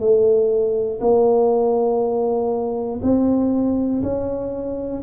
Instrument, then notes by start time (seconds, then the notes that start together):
tuba
0.00 A3
1.01 A#3
3.02 C4
4.02 C#4